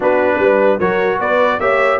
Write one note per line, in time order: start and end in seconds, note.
0.00 0.38 B3
0.00 0.80 D4
0.00 0.39 F#4
0.00 0.79 B4
0.38 0.78 G3
0.38 0.79 B4
0.79 1.19 F#3
0.79 1.60 F#4
0.79 1.19 A#4
0.79 1.19 C#5
1.19 1.59 B3
1.19 1.60 B4
1.19 1.60 D5
1.59 1.99 A#3
1.59 2.00 G4
1.59 2.00 C#5
1.59 2.00 E5